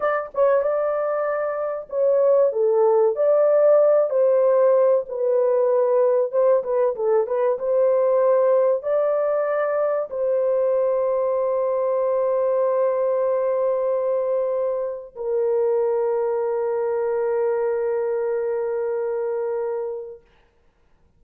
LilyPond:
\new Staff \with { instrumentName = "horn" } { \time 4/4 \tempo 4 = 95 d''8 cis''8 d''2 cis''4 | a'4 d''4. c''4. | b'2 c''8 b'8 a'8 b'8 | c''2 d''2 |
c''1~ | c''1 | ais'1~ | ais'1 | }